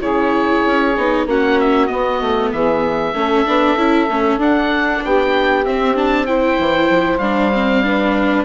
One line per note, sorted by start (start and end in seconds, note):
0.00 0.62 C#3
0.00 0.94 E4
0.00 1.25 G#4
0.00 1.25 C#5
0.66 0.96 C#4
0.96 1.26 B3
0.96 1.27 D#4
1.25 1.88 A#3
1.25 1.87 C#4
1.25 2.50 F#4
1.25 1.59 F#5
1.59 1.86 E5
1.86 3.12 B3
1.86 2.20 B3
1.86 2.49 D#5
2.20 2.52 A3
2.52 3.13 E3
2.52 3.14 G#4
2.52 4.39 E5
3.13 3.44 A3
3.13 3.45 C#4
3.13 5.03 A4
3.45 3.75 B3
3.45 3.76 D4
3.75 4.07 C#4
3.75 4.08 E4
4.09 4.36 A3
4.09 4.39 C#4
4.36 4.99 D4
4.36 5.64 D4
4.36 5.03 F#5
5.03 5.65 B3
5.03 6.27 G4
5.03 5.65 G5
5.65 5.95 C4
5.65 6.58 C4
5.65 5.96 E5
5.95 6.26 D4
5.95 6.26 A5
6.26 7.20 E4
6.26 7.83 C5
6.26 7.18 G5
6.58 6.89 E3
6.89 7.18 F3
7.18 8.43 G3
7.18 7.52 D4
7.18 8.43 F5
7.52 7.83 C4
7.83 8.44 D4
7.83 8.44 B4